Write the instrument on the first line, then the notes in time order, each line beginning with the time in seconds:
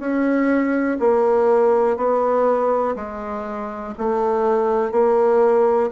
bassoon
0.00 C#4
1.00 A#3
1.97 B3
2.96 G#3
3.98 A3
4.92 A#3